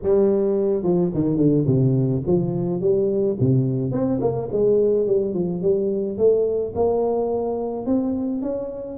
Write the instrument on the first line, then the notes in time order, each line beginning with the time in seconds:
tuba
0.03 G3
0.83 F3
1.13 D#3
1.37 D3
1.66 C3
2.26 F3
2.80 G3
3.40 C3
3.91 C4
4.20 A#3
4.52 G#3
5.06 G3
5.33 F3
5.62 G3
6.17 A3
6.75 A#3
7.86 C4
8.42 C#4